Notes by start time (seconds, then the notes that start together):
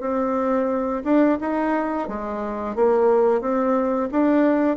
0.00 C4
1.04 D4
1.40 D#4
2.08 G#3
2.75 A#3
3.41 C4
4.11 D4